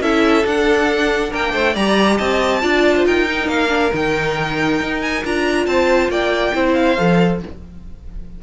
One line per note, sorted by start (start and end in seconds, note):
0.00 0.43 C#4
0.00 0.43 E4
0.00 1.30 A4
0.00 0.45 E5
0.43 1.73 D4
0.43 1.33 D4
0.43 1.33 F#5
1.30 1.53 A#3
1.30 1.52 A#4
1.30 1.75 G5
1.53 1.75 A3
1.53 1.73 C5
1.73 2.18 G3
1.73 2.61 G4
1.73 2.16 D5
1.73 2.17 A#5
2.16 2.62 C4
2.16 2.60 D#5
2.16 3.04 A5
2.61 3.05 D4
2.61 3.26 F4
2.61 2.95 D5
2.96 3.06 C5
3.05 3.47 D#4
3.05 5.66 A#4
3.05 3.48 G5
3.26 3.68 D#4
3.47 3.91 A#3
3.47 3.91 F5
3.68 3.89 D4
3.93 4.80 D#3
3.93 5.24 D#4
3.93 5.01 G5
4.80 5.23 D#4
5.01 5.23 G#5
5.24 5.66 D4
5.24 6.54 F4
5.24 5.66 A#5
5.66 6.08 C4
5.66 6.11 C5
5.66 6.09 A5
6.08 6.52 A#3
6.08 6.54 D5
6.08 6.73 G5
6.54 6.97 C4
6.54 6.97 E4
6.54 7.41 C5
6.73 7.38 F5
6.97 7.42 F3
6.97 7.40 A4